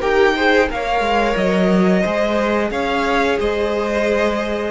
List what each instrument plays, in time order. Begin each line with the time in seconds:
0.00 cello D#4, viola G4, violin A#4 G5
0.36 viola G#4, violin C5
0.69 cello A#3, viola A#4, violin C#5 F5
1.00 cello G#3
1.37 cello F#3, violin D#5
2.01 cello G#3, viola G#4, violin C5
2.71 cello C#4, violin C#5 F5
3.39 cello G#3, violin C5 D#5